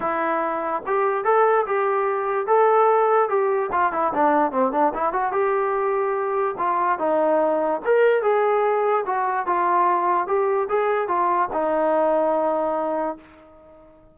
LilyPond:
\new Staff \with { instrumentName = "trombone" } { \time 4/4 \tempo 4 = 146 e'2 g'4 a'4 | g'2 a'2 | g'4 f'8 e'8 d'4 c'8 d'8 | e'8 fis'8 g'2. |
f'4 dis'2 ais'4 | gis'2 fis'4 f'4~ | f'4 g'4 gis'4 f'4 | dis'1 | }